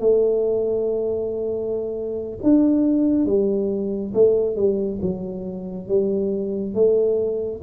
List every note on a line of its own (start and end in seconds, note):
0.00 2.39 A3
2.43 3.26 D4
3.26 4.13 G3
4.15 4.57 A3
4.57 5.00 G3
5.02 5.89 F#3
5.89 6.75 G3
6.75 7.62 A3